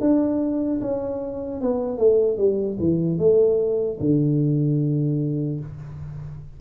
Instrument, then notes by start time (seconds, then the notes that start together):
tuba
0.00 D4
0.81 C#4
1.61 B3
1.98 A3
2.37 G3
2.79 E3
3.18 A3
4.00 D3